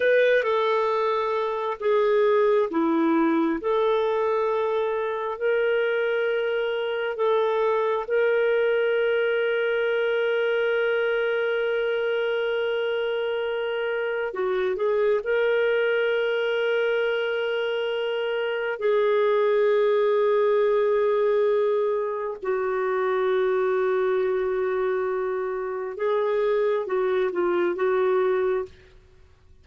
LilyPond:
\new Staff \with { instrumentName = "clarinet" } { \time 4/4 \tempo 4 = 67 b'8 a'4. gis'4 e'4 | a'2 ais'2 | a'4 ais'2.~ | ais'1 |
fis'8 gis'8 ais'2.~ | ais'4 gis'2.~ | gis'4 fis'2.~ | fis'4 gis'4 fis'8 f'8 fis'4 | }